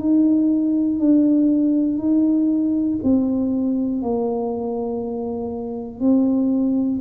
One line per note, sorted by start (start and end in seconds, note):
0.00 1.00 D#4
1.00 1.98 D4
1.98 2.98 D#4
3.03 4.02 C4
4.02 6.00 A#3
6.00 7.00 C4